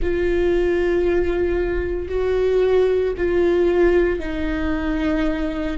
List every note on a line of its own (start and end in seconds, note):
0.02 2.08 F4
2.08 3.13 F#4
3.17 4.19 F4
4.19 5.77 D#4